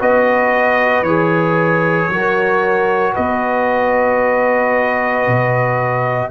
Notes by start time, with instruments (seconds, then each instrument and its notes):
0.00 tuba B3, trombone F#4, horn B4, trumpet D#5
1.02 tuba E3, trombone G#4, trumpet C#5
2.09 tuba F#3, trombone F#4, horn A#4
3.14 tuba B3, horn B4, trumpet D#5
5.28 tuba B2